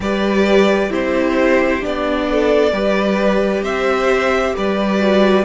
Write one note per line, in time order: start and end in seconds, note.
0.00 0.90 G3
0.00 0.90 G4
0.00 0.90 B4
0.00 0.92 D5
0.90 1.83 C4
0.90 1.81 E4
0.90 2.26 G4
0.90 1.84 C5
1.81 2.72 B3
1.81 2.72 D4
1.81 3.63 D5
2.30 2.72 A4
2.72 3.62 G3
2.72 4.98 G4
2.72 3.63 B4
3.62 4.53 C4
3.62 4.54 C5
3.62 4.54 E5
4.56 5.45 G3
4.56 5.45 B4
4.56 5.45 D5
4.98 5.44 F#4